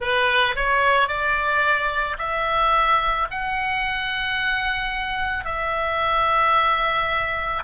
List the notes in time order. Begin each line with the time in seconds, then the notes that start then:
0.00 B4
0.55 C#5
1.08 D5
2.18 E5
3.30 F#5
5.44 E5